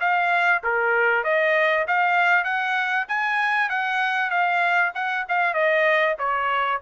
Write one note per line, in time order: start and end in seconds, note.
0.00 0.62 F5
0.63 1.23 A#4
1.23 1.85 D#5
1.87 2.44 F5
2.44 3.06 F#5
3.08 3.69 G#5
3.69 4.30 F#5
4.30 4.91 F5
4.94 5.25 F#5
5.28 5.54 F5
5.54 6.15 D#5
6.18 6.80 C#5